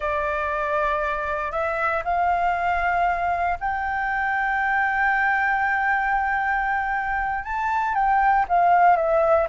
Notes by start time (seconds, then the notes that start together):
0.00 D5
1.51 E5
2.04 F5
3.60 G5
7.44 A5
7.94 G5
8.48 F5
8.96 E5